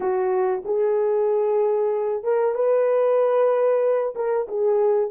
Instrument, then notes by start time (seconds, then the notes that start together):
horn
0.00 F#4
0.64 G#4
2.23 A#4
2.54 B4
4.15 A#4
4.47 G#4